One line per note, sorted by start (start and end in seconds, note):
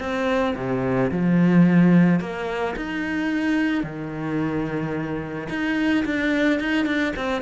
0.00 0.55 C4
0.56 1.11 C3
1.11 2.20 F3
2.20 2.75 A#3
2.76 3.83 D#4
3.83 5.48 D#3
5.49 6.05 D#4
6.05 6.60 D4
6.60 6.86 D#4
6.86 7.13 D4
7.16 7.42 C4